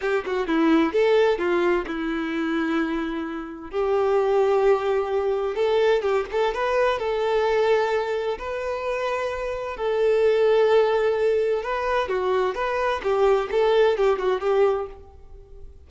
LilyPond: \new Staff \with { instrumentName = "violin" } { \time 4/4 \tempo 4 = 129 g'8 fis'8 e'4 a'4 f'4 | e'1 | g'1 | a'4 g'8 a'8 b'4 a'4~ |
a'2 b'2~ | b'4 a'2.~ | a'4 b'4 fis'4 b'4 | g'4 a'4 g'8 fis'8 g'4 | }